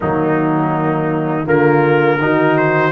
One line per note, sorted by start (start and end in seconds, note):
0.00 1.45 D#3
0.00 1.45 F#3
0.00 1.44 A#3
0.00 1.47 D#4
1.44 2.18 D3
1.44 2.18 A#3
1.44 2.18 F4
1.44 2.57 A#4
2.18 2.91 D#3
2.18 2.91 D#4
2.18 2.91 F#4
2.57 2.91 C5